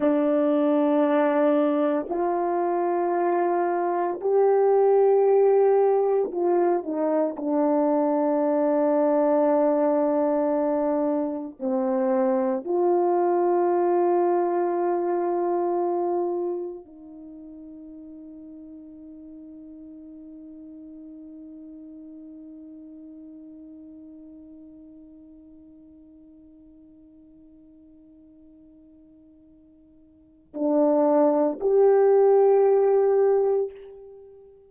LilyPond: \new Staff \with { instrumentName = "horn" } { \time 4/4 \tempo 4 = 57 d'2 f'2 | g'2 f'8 dis'8 d'4~ | d'2. c'4 | f'1 |
dis'1~ | dis'1~ | dis'1~ | dis'4 d'4 g'2 | }